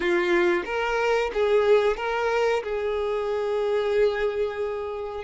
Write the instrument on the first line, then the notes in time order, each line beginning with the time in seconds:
violin
0.00 F4
0.65 A#4
1.33 G#4
1.96 A#4
2.63 G#4